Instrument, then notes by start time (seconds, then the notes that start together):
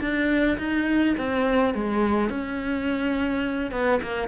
cello
0.00 D4
0.58 D#4
1.17 C4
1.74 G#3
2.29 C#4
3.71 B3
4.02 A#3